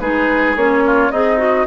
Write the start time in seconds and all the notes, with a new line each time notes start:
0.00 G#3 D#4 G#4 B4
0.56 A#3 C#4 C#5
0.86 F4
1.11 C4 D#4 G#4 D#5
1.38 F#4